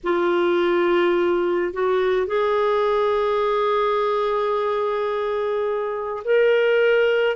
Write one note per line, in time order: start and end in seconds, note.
0.03 1.73 F4
1.73 2.26 F#4
2.26 6.23 G#4
6.24 7.36 A#4